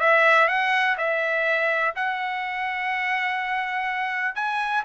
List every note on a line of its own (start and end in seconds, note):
0.00 0.48 E5
0.48 0.97 F#5
0.98 1.95 E5
1.96 4.35 F#5
4.35 4.83 G#5